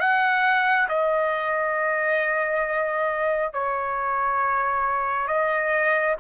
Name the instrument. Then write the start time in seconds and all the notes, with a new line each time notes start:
trumpet
0.00 F#5
0.89 D#5
3.53 C#5
5.27 D#5